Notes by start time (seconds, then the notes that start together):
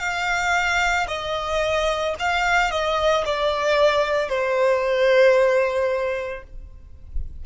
0.00 F5
1.08 D#5
2.20 F5
2.71 D#5
3.25 D5
4.29 C5